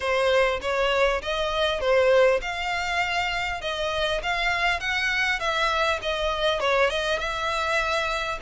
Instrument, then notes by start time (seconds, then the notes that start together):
violin
0.00 C5
0.61 C#5
1.22 D#5
1.80 C5
2.41 F5
3.61 D#5
4.22 F5
4.80 F#5
5.39 E5
6.02 D#5
6.59 C#5
6.90 D#5
7.18 E5